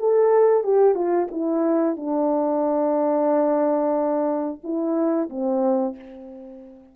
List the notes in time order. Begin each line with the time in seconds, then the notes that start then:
0.00 A4
0.64 G4
0.95 F4
1.32 E4
1.97 D4
4.64 E4
5.30 C4